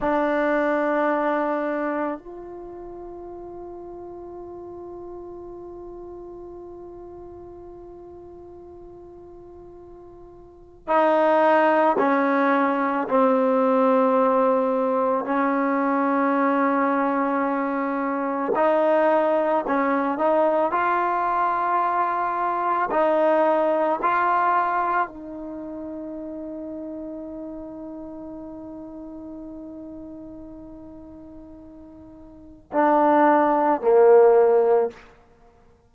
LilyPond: \new Staff \with { instrumentName = "trombone" } { \time 4/4 \tempo 4 = 55 d'2 f'2~ | f'1~ | f'2 dis'4 cis'4 | c'2 cis'2~ |
cis'4 dis'4 cis'8 dis'8 f'4~ | f'4 dis'4 f'4 dis'4~ | dis'1~ | dis'2 d'4 ais4 | }